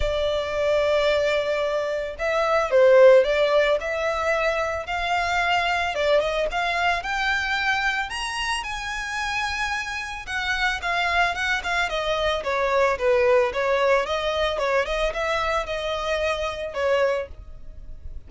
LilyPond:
\new Staff \with { instrumentName = "violin" } { \time 4/4 \tempo 4 = 111 d''1 | e''4 c''4 d''4 e''4~ | e''4 f''2 d''8 dis''8 | f''4 g''2 ais''4 |
gis''2. fis''4 | f''4 fis''8 f''8 dis''4 cis''4 | b'4 cis''4 dis''4 cis''8 dis''8 | e''4 dis''2 cis''4 | }